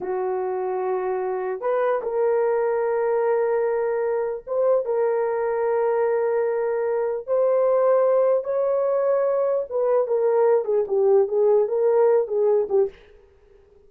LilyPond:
\new Staff \with { instrumentName = "horn" } { \time 4/4 \tempo 4 = 149 fis'1 | b'4 ais'2.~ | ais'2. c''4 | ais'1~ |
ais'2 c''2~ | c''4 cis''2. | b'4 ais'4. gis'8 g'4 | gis'4 ais'4. gis'4 g'8 | }